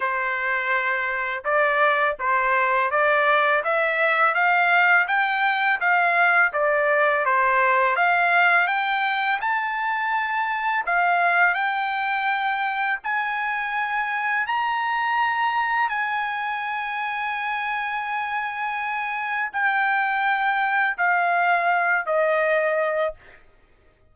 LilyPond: \new Staff \with { instrumentName = "trumpet" } { \time 4/4 \tempo 4 = 83 c''2 d''4 c''4 | d''4 e''4 f''4 g''4 | f''4 d''4 c''4 f''4 | g''4 a''2 f''4 |
g''2 gis''2 | ais''2 gis''2~ | gis''2. g''4~ | g''4 f''4. dis''4. | }